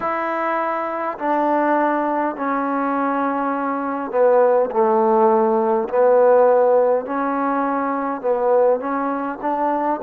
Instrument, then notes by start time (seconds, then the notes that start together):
trombone
0.00 E4
1.18 D4
2.35 C#4
4.11 B3
4.71 A3
5.88 B3
7.05 C#4
8.21 B3
8.79 C#4
9.41 D4